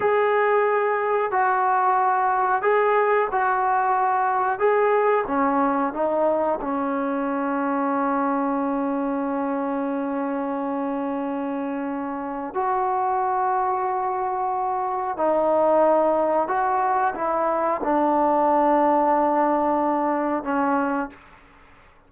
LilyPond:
\new Staff \with { instrumentName = "trombone" } { \time 4/4 \tempo 4 = 91 gis'2 fis'2 | gis'4 fis'2 gis'4 | cis'4 dis'4 cis'2~ | cis'1~ |
cis'2. fis'4~ | fis'2. dis'4~ | dis'4 fis'4 e'4 d'4~ | d'2. cis'4 | }